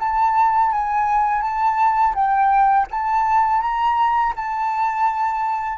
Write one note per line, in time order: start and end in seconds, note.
0.00 0.72 A5
0.72 1.42 G#5
1.42 2.15 A5
2.15 2.87 G5
2.91 3.61 A5
3.61 4.34 A#5
4.36 5.79 A5